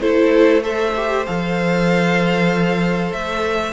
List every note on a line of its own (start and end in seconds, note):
0.00 1.26 A3
0.00 0.62 E4
0.00 0.62 A4
0.00 0.62 C5
0.62 0.93 A4
0.62 3.72 C5
0.62 1.26 E5
0.96 1.26 G4
1.26 3.12 F3
1.26 3.72 A4
1.26 3.12 F5
3.12 3.72 A3
3.12 3.72 E5